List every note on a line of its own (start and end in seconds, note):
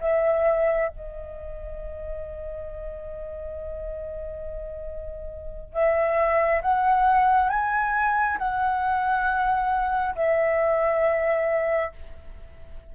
0.00 0.88 E5
0.88 5.73 D#5
5.73 6.61 E5
6.62 7.49 F#5
7.49 8.37 G#5
8.38 10.15 F#5
10.16 11.92 E5